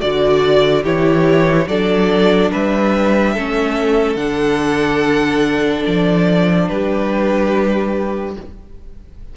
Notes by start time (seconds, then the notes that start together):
0.00 D3 F#4 D5
0.83 E3 E4 G4 C#5
1.68 F#3 D4 A4 D5
2.52 G3 B4 E5
3.34 A3 C#4 A4
4.16 D3 D4 F#5
5.85 F3 D5
6.69 G3 G4 B4